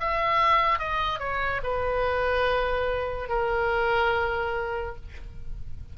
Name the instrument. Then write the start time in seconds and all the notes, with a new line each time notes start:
oboe
0.00 E5
0.79 D#5
1.19 C#5
1.63 B4
3.29 A#4